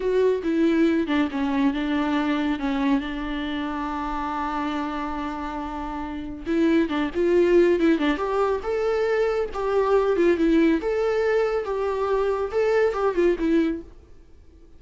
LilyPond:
\new Staff \with { instrumentName = "viola" } { \time 4/4 \tempo 4 = 139 fis'4 e'4. d'8 cis'4 | d'2 cis'4 d'4~ | d'1~ | d'2. e'4 |
d'8 f'4. e'8 d'8 g'4 | a'2 g'4. f'8 | e'4 a'2 g'4~ | g'4 a'4 g'8 f'8 e'4 | }